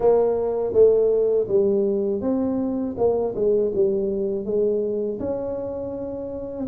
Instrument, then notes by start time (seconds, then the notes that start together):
tuba
0.00 A#3
0.73 A3
1.47 G3
2.21 C4
2.97 A#3
3.35 G#3
3.74 G3
4.45 G#3
5.19 C#4